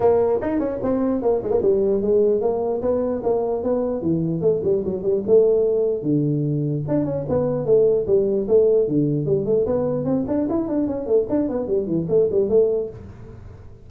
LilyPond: \new Staff \with { instrumentName = "tuba" } { \time 4/4 \tempo 4 = 149 ais4 dis'8 cis'8 c'4 ais8 gis16 ais16 | g4 gis4 ais4 b4 | ais4 b4 e4 a8 g8 | fis8 g8 a2 d4~ |
d4 d'8 cis'8 b4 a4 | g4 a4 d4 g8 a8 | b4 c'8 d'8 e'8 d'8 cis'8 a8 | d'8 b8 g8 e8 a8 g8 a4 | }